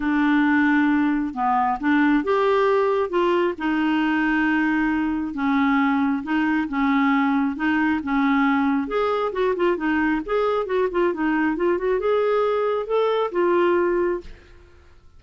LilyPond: \new Staff \with { instrumentName = "clarinet" } { \time 4/4 \tempo 4 = 135 d'2. b4 | d'4 g'2 f'4 | dis'1 | cis'2 dis'4 cis'4~ |
cis'4 dis'4 cis'2 | gis'4 fis'8 f'8 dis'4 gis'4 | fis'8 f'8 dis'4 f'8 fis'8 gis'4~ | gis'4 a'4 f'2 | }